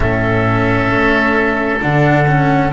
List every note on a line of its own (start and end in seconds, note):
0.00 0.90 A2
0.00 1.79 C#4
0.00 2.72 A4
0.00 1.80 E5
0.90 1.81 A3
1.81 2.72 D3
1.81 2.26 D4
1.81 2.72 F#5
2.27 2.72 C#4